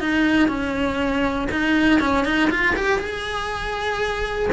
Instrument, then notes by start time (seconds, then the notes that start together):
cello
0.00 D#4
0.48 C#4
1.51 D#4
2.00 C#4
2.25 D#4
2.50 F4
2.76 G4
2.99 G#4